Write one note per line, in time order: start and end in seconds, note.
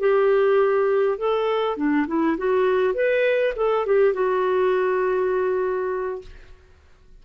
0.00 1.18 G4
1.18 1.77 A4
1.77 2.07 D4
2.07 2.37 E4
2.38 2.94 F#4
2.94 3.53 B4
3.56 3.86 A4
3.86 4.14 G4
4.14 6.22 F#4